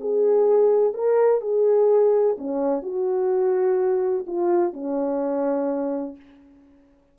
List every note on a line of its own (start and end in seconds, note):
0.00 0.94 G#4
0.94 1.41 A#4
1.41 2.36 G#4
2.38 2.82 C#4
2.82 4.25 F#4
4.26 4.73 F4
4.73 6.16 C#4